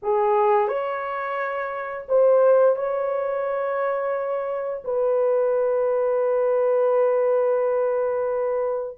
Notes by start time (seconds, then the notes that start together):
0.02 G#4
0.67 C#5
2.08 C5
2.76 C#5
4.84 B4